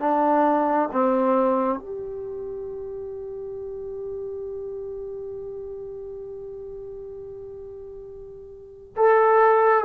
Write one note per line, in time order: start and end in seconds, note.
0.00 0.90 D4
0.92 1.80 C4
1.80 8.96 G4
8.96 9.85 A4